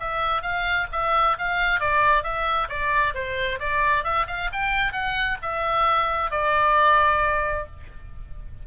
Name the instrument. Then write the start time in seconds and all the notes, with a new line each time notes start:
oboe
0.00 E5
0.42 F5
0.92 E5
1.39 F5
1.80 D5
2.23 E5
2.69 D5
3.14 C5
3.60 D5
4.04 E5
4.27 F5
4.53 G5
4.93 F#5
5.42 E5
6.31 D5